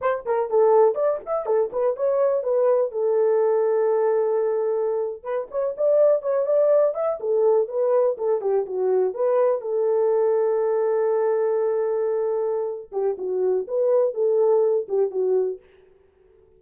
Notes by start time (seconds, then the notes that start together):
0.01 C5
0.25 A#4
0.50 A4
0.94 D5
1.25 E5
1.46 A4
1.72 B4
1.96 C#5
2.43 B4
2.91 A4
5.23 B4
5.51 C#5
5.77 D5
6.22 C#5
6.46 D5
6.94 E5
7.20 A4
7.68 B4
8.17 A4
8.41 G4
8.66 F#4
9.14 B4
9.61 A4
12.92 G4
13.18 F#4
13.67 B4
14.14 A4
14.88 G4
15.10 F#4